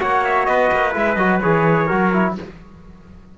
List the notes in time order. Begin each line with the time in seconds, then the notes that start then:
0.00 A#3 F#4 C#5 F#5
0.25 E5
0.46 B3 B4 D#5
0.72 A#3
0.92 G#3 E4 E5
1.15 F#3 F#4 D#5
1.42 E3 G#4 C#5
1.87 F#3 F#4 A#4
2.13 E4